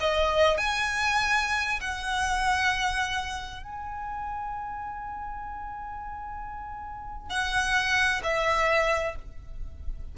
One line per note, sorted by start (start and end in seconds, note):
0.00 0.57 D#5
0.57 1.80 G#5
1.81 3.63 F#5
3.63 7.30 G#5
7.30 8.22 F#5
8.23 9.15 E5